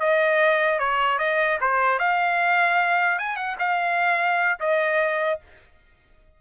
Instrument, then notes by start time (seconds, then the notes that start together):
trumpet
0.00 D#5
0.79 C#5
1.19 D#5
1.61 C5
1.99 F5
3.19 G#5
3.36 F#5
3.59 F5
4.60 D#5